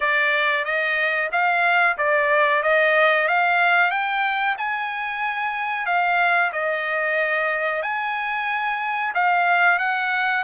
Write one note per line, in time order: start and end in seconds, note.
0.00 0.65 D5
0.65 1.30 D#5
1.32 1.97 F5
1.97 2.62 D5
2.62 3.28 D#5
3.28 3.90 F5
3.90 4.56 G5
4.57 5.85 G#5
5.85 6.51 F5
6.52 7.82 D#5
7.82 9.13 G#5
9.14 9.78 F5
9.78 10.43 F#5